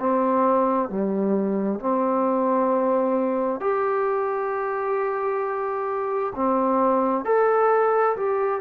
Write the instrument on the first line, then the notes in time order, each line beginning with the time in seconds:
trombone
0.00 C4
0.90 G3
1.80 C4
3.61 G4
6.36 C4
7.25 A4
8.17 G4